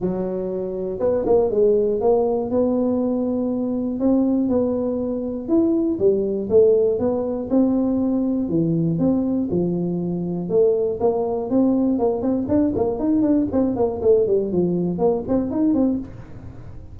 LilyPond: \new Staff \with { instrumentName = "tuba" } { \time 4/4 \tempo 4 = 120 fis2 b8 ais8 gis4 | ais4 b2. | c'4 b2 e'4 | g4 a4 b4 c'4~ |
c'4 e4 c'4 f4~ | f4 a4 ais4 c'4 | ais8 c'8 d'8 ais8 dis'8 d'8 c'8 ais8 | a8 g8 f4 ais8 c'8 dis'8 c'8 | }